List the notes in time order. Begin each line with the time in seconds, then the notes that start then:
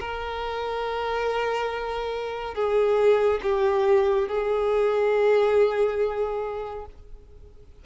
0.00 A#4
2.54 G#4
3.42 G4
4.28 G#4